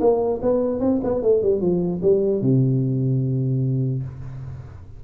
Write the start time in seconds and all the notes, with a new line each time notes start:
0.00 A#3
0.42 B3
0.80 C4
1.03 B3
1.22 A3
1.42 G3
1.60 F3
2.02 G3
2.41 C3